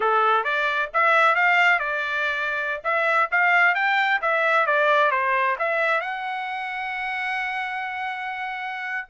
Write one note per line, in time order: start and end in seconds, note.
0.00 0.44 A4
0.44 0.89 D5
0.93 1.35 E5
1.35 1.79 F5
1.79 2.81 D5
2.83 3.29 E5
3.31 3.75 F5
3.75 4.20 G5
4.21 4.66 E5
4.66 5.11 D5
5.11 5.56 C5
5.58 6.00 E5
6.00 9.07 F#5